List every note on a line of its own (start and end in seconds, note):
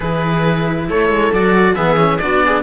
0.00 0.89 E3
0.00 1.30 E4
0.00 0.88 G#4
0.00 0.88 B4
0.89 1.09 A3
0.89 1.75 A4
0.89 1.33 C#5
1.09 1.31 G#3
1.32 1.76 F#3
1.32 1.76 F#4
1.32 1.75 D5
1.75 2.22 E3
1.75 1.96 B3
1.75 2.19 G#4
1.75 2.18 E5
1.96 2.18 C#4
2.18 2.62 B3
2.18 2.62 D4
2.18 2.44 F#4
2.18 2.62 D5
2.45 2.62 G#4